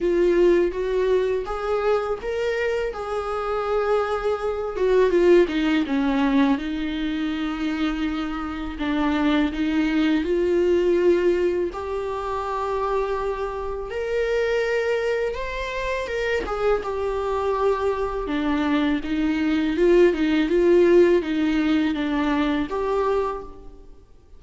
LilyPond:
\new Staff \with { instrumentName = "viola" } { \time 4/4 \tempo 4 = 82 f'4 fis'4 gis'4 ais'4 | gis'2~ gis'8 fis'8 f'8 dis'8 | cis'4 dis'2. | d'4 dis'4 f'2 |
g'2. ais'4~ | ais'4 c''4 ais'8 gis'8 g'4~ | g'4 d'4 dis'4 f'8 dis'8 | f'4 dis'4 d'4 g'4 | }